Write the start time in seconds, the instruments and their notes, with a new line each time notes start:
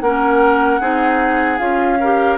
0.00 bassoon A#3, clarinet C#4, oboe A#4, flute F#5
0.80 bassoon C4, clarinet D#4, oboe G#4
1.58 bassoon C#4, clarinet F4, flute F5
2.00 clarinet G4, oboe A#4